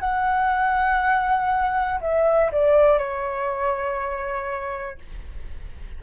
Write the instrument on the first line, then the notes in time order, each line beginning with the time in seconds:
flute
0.00 F#5
2.01 E5
2.52 D5
2.98 C#5